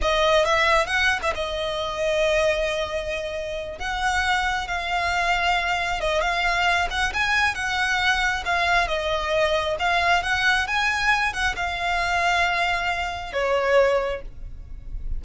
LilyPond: \new Staff \with { instrumentName = "violin" } { \time 4/4 \tempo 4 = 135 dis''4 e''4 fis''8. e''16 dis''4~ | dis''1~ | dis''8 fis''2 f''4.~ | f''4. dis''8 f''4. fis''8 |
gis''4 fis''2 f''4 | dis''2 f''4 fis''4 | gis''4. fis''8 f''2~ | f''2 cis''2 | }